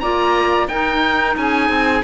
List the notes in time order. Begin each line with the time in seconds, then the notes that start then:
0.00 A#3 F4 D5 A#5
0.68 D#4 A#4 G5
1.37 C#4 G#4 G#5
1.69 C4